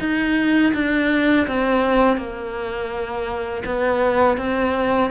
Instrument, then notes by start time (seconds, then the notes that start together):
cello
0.00 D#4
0.74 D4
1.48 C4
2.17 A#3
3.66 B3
4.38 C4